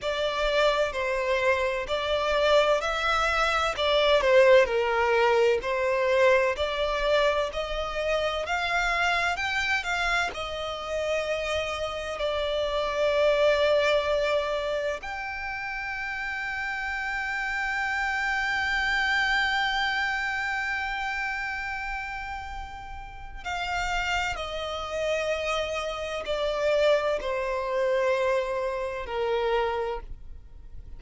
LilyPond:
\new Staff \with { instrumentName = "violin" } { \time 4/4 \tempo 4 = 64 d''4 c''4 d''4 e''4 | d''8 c''8 ais'4 c''4 d''4 | dis''4 f''4 g''8 f''8 dis''4~ | dis''4 d''2. |
g''1~ | g''1~ | g''4 f''4 dis''2 | d''4 c''2 ais'4 | }